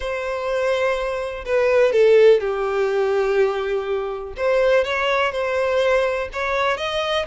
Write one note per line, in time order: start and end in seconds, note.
0.00 1.44 C5
1.45 1.92 B4
1.92 2.40 A4
2.40 4.34 G4
4.36 4.84 C5
4.84 5.31 C#5
5.31 6.28 C5
6.33 6.77 C#5
6.77 7.25 D#5